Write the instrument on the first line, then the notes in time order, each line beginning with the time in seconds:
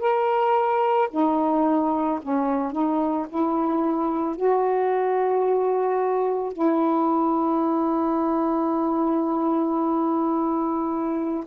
saxophone
0.00 A#4
1.11 D#4
2.22 C#4
2.72 D#4
3.29 E4
4.36 F#4
6.53 E4